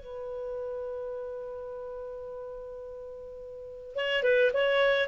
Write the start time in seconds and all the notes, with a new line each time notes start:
0.00 B4
3.95 C#5
4.23 B4
4.54 C#5